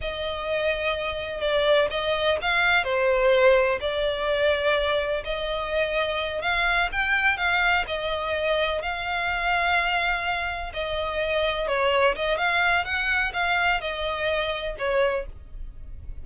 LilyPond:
\new Staff \with { instrumentName = "violin" } { \time 4/4 \tempo 4 = 126 dis''2. d''4 | dis''4 f''4 c''2 | d''2. dis''4~ | dis''4. f''4 g''4 f''8~ |
f''8 dis''2 f''4.~ | f''2~ f''8 dis''4.~ | dis''8 cis''4 dis''8 f''4 fis''4 | f''4 dis''2 cis''4 | }